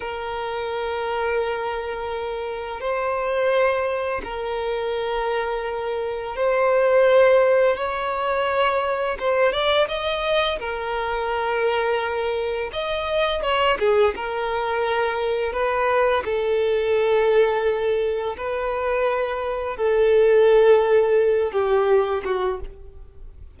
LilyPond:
\new Staff \with { instrumentName = "violin" } { \time 4/4 \tempo 4 = 85 ais'1 | c''2 ais'2~ | ais'4 c''2 cis''4~ | cis''4 c''8 d''8 dis''4 ais'4~ |
ais'2 dis''4 cis''8 gis'8 | ais'2 b'4 a'4~ | a'2 b'2 | a'2~ a'8 g'4 fis'8 | }